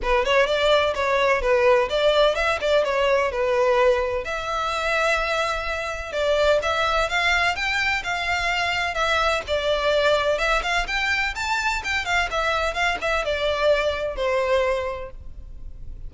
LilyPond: \new Staff \with { instrumentName = "violin" } { \time 4/4 \tempo 4 = 127 b'8 cis''8 d''4 cis''4 b'4 | d''4 e''8 d''8 cis''4 b'4~ | b'4 e''2.~ | e''4 d''4 e''4 f''4 |
g''4 f''2 e''4 | d''2 e''8 f''8 g''4 | a''4 g''8 f''8 e''4 f''8 e''8 | d''2 c''2 | }